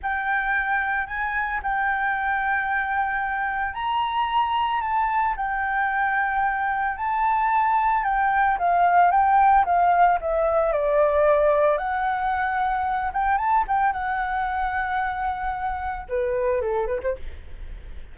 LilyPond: \new Staff \with { instrumentName = "flute" } { \time 4/4 \tempo 4 = 112 g''2 gis''4 g''4~ | g''2. ais''4~ | ais''4 a''4 g''2~ | g''4 a''2 g''4 |
f''4 g''4 f''4 e''4 | d''2 fis''2~ | fis''8 g''8 a''8 g''8 fis''2~ | fis''2 b'4 a'8 b'16 c''16 | }